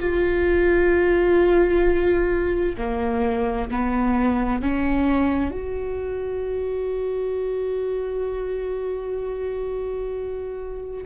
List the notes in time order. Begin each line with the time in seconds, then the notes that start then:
0.00 F4
2.78 A#3
3.71 B3
4.62 C#4
5.51 F#4